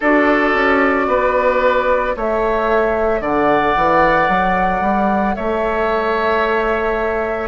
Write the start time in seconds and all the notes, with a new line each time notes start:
0.00 D4 F#4 A4 D5
0.53 C#4
1.07 B3 B4
2.15 A3 A4 C#5 E5
3.21 D3 D5 F#5
3.76 E3
4.28 F#3
4.81 G3
5.35 A3 C#5 E5